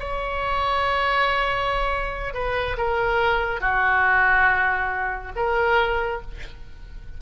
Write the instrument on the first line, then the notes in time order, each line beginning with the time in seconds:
oboe
0.00 C#5
2.34 B4
2.78 A#4
3.61 F#4
5.36 A#4